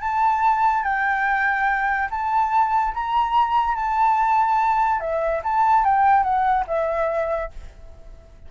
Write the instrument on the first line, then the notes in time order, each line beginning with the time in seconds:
flute
0.00 A5
0.83 G5
2.10 A5
2.94 A#5
3.75 A5
5.00 E5
5.43 A5
5.84 G5
6.23 F#5
6.67 E5